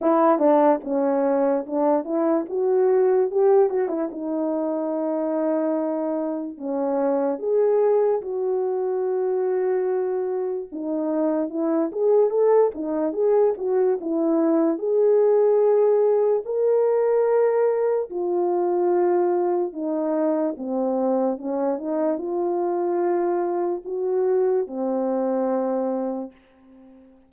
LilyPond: \new Staff \with { instrumentName = "horn" } { \time 4/4 \tempo 4 = 73 e'8 d'8 cis'4 d'8 e'8 fis'4 | g'8 fis'16 e'16 dis'2. | cis'4 gis'4 fis'2~ | fis'4 dis'4 e'8 gis'8 a'8 dis'8 |
gis'8 fis'8 e'4 gis'2 | ais'2 f'2 | dis'4 c'4 cis'8 dis'8 f'4~ | f'4 fis'4 c'2 | }